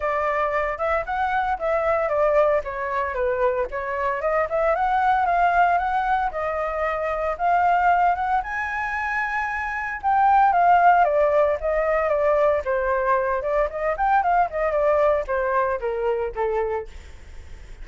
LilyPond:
\new Staff \with { instrumentName = "flute" } { \time 4/4 \tempo 4 = 114 d''4. e''8 fis''4 e''4 | d''4 cis''4 b'4 cis''4 | dis''8 e''8 fis''4 f''4 fis''4 | dis''2 f''4. fis''8 |
gis''2. g''4 | f''4 d''4 dis''4 d''4 | c''4. d''8 dis''8 g''8 f''8 dis''8 | d''4 c''4 ais'4 a'4 | }